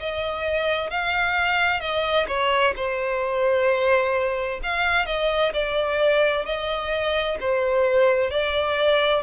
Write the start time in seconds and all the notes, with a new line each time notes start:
0.00 D#5
0.91 F5
1.80 D#5
2.28 C#5
2.77 C5
4.63 F5
5.06 D#5
5.54 D5
6.46 D#5
7.41 C5
8.31 D5